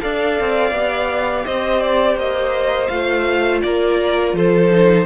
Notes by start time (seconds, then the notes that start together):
0.00 D4 A4 D5 F5
0.40 C4
0.72 B3 G4
1.45 C4 C5 D#5
1.82 D5
2.16 A#3 D#5
2.88 A3 F4 F5
3.62 A#3 A#4 D5
4.33 F3 A4 C5
4.71 D#4